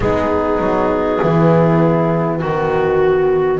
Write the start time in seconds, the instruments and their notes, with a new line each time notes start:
0.00 double bass G#3, cello B3, horn D#4, clarinet G#4
0.59 double bass F#3
1.21 double bass E3, horn E4
2.39 double bass D#3, clarinet F#4, horn F#4